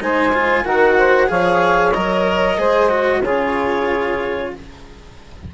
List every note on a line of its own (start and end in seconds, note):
0.00 0.65 G#3
0.00 0.33 D#4
0.00 0.63 C5
0.00 0.67 G#5
0.33 0.65 F4
0.63 1.29 D#3
0.63 1.27 F#4
0.63 0.95 A#4
0.63 1.30 F#5
0.97 1.29 C5
1.27 1.94 F3
1.27 1.92 G#4
1.27 2.58 C#5
1.27 1.93 F5
1.93 2.58 F#3
1.93 2.58 A#4
1.93 3.22 D#5
2.58 3.23 G#3
2.58 2.89 G#4
2.58 3.22 C5
2.89 3.22 F#4
3.22 4.52 C#3
3.22 4.54 F4
3.22 4.51 G#4
3.22 4.53 C#5